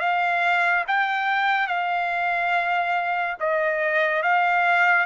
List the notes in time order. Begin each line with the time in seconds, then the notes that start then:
0.00 F5
0.88 G5
1.67 F5
3.40 D#5
4.23 F5